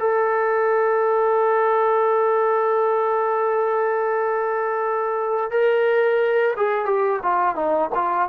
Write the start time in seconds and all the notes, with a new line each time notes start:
0.00 A4
5.51 A#4
6.57 G#4
6.86 G4
7.23 F4
7.56 D#4
7.95 F4